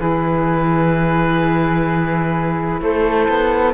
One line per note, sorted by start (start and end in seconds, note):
0.00 2.82 E3
0.00 3.74 E4
0.00 2.81 G#4
0.00 2.82 B4
2.82 3.29 A3
2.82 3.74 A4
2.82 3.74 C5
3.29 3.74 B3